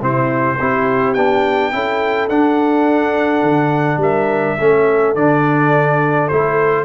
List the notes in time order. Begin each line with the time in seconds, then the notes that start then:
0.00 C3 C4 E4 C5
0.59 C4 E4 G4
1.14 B3 D4 G5
1.72 C#4 E4 A4
2.29 D4 F#5
3.43 D3
3.97 G3 A#4 E5
4.59 A3 C#4 A4
5.15 D3 D4 D5
6.28 A3 E4 C5